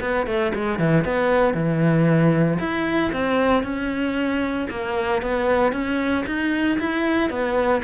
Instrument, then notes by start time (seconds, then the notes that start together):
cello
0.00 B3
0.26 A3
0.54 G#3
0.78 E3
1.04 B3
1.53 E3
2.59 E4
3.12 C4
3.63 C#4
4.70 A#3
5.22 B3
5.72 C#4
6.26 D#4
6.79 E4
7.29 B3